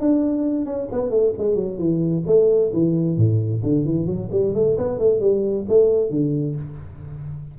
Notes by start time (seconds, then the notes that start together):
0.00 D4
0.65 C#4
0.92 B3
1.10 A3
1.37 G#3
1.55 F#3
1.78 E3
2.26 A3
2.73 E3
3.17 A2
3.63 D3
3.85 E3
4.06 F#3
4.31 G3
4.54 A3
4.77 B3
4.99 A3
5.20 G3
5.68 A3
6.10 D3